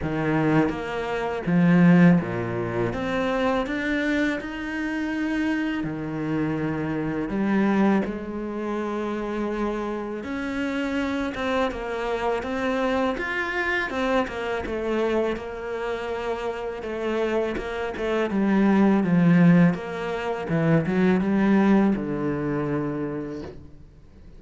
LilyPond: \new Staff \with { instrumentName = "cello" } { \time 4/4 \tempo 4 = 82 dis4 ais4 f4 ais,4 | c'4 d'4 dis'2 | dis2 g4 gis4~ | gis2 cis'4. c'8 |
ais4 c'4 f'4 c'8 ais8 | a4 ais2 a4 | ais8 a8 g4 f4 ais4 | e8 fis8 g4 d2 | }